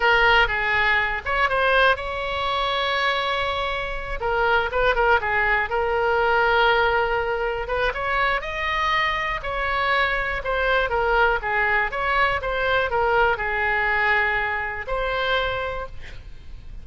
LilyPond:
\new Staff \with { instrumentName = "oboe" } { \time 4/4 \tempo 4 = 121 ais'4 gis'4. cis''8 c''4 | cis''1~ | cis''8 ais'4 b'8 ais'8 gis'4 ais'8~ | ais'2.~ ais'8 b'8 |
cis''4 dis''2 cis''4~ | cis''4 c''4 ais'4 gis'4 | cis''4 c''4 ais'4 gis'4~ | gis'2 c''2 | }